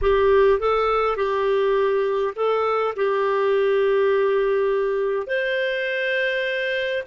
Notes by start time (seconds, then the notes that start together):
0.01 G4
0.59 A4
1.16 G4
2.35 A4
2.95 G4
5.26 C5